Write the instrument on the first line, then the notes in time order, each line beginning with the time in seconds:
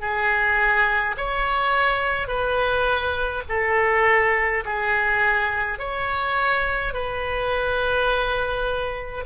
oboe
0.00 G#4
1.17 C#5
2.27 B4
3.48 A4
4.65 G#4
5.78 C#5
6.93 B4